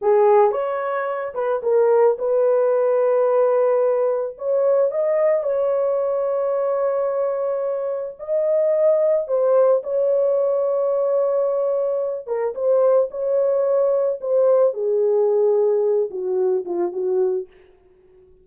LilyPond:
\new Staff \with { instrumentName = "horn" } { \time 4/4 \tempo 4 = 110 gis'4 cis''4. b'8 ais'4 | b'1 | cis''4 dis''4 cis''2~ | cis''2. dis''4~ |
dis''4 c''4 cis''2~ | cis''2~ cis''8 ais'8 c''4 | cis''2 c''4 gis'4~ | gis'4. fis'4 f'8 fis'4 | }